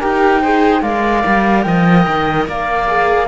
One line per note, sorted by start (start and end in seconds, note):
0.00 0.82 D#4
0.00 0.41 G4
0.00 0.41 A#4
0.00 0.82 G5
0.41 0.82 G#4
0.41 0.82 C5
0.82 1.23 G#3
0.82 2.87 A#4
0.82 1.64 D5
0.82 1.62 F5
1.26 1.65 G3
1.62 2.06 F3
1.62 2.49 D#5
1.62 2.45 G5
2.07 2.48 D#3
2.48 3.28 A#3
2.48 3.28 D5
2.48 3.28 F5
2.87 3.28 G#4